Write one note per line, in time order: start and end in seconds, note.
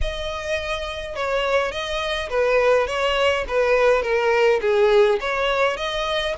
0.01 1.15 D#5
1.15 1.71 C#5
1.71 2.29 D#5
2.29 2.87 B4
2.87 3.45 C#5
3.48 4.02 B4
4.02 4.59 A#4
4.61 5.19 G#4
5.20 5.77 C#5
5.77 6.34 D#5